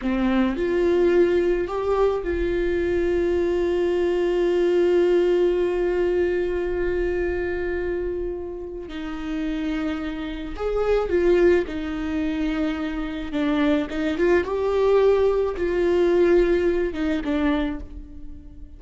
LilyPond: \new Staff \with { instrumentName = "viola" } { \time 4/4 \tempo 4 = 108 c'4 f'2 g'4 | f'1~ | f'1~ | f'1 |
dis'2. gis'4 | f'4 dis'2. | d'4 dis'8 f'8 g'2 | f'2~ f'8 dis'8 d'4 | }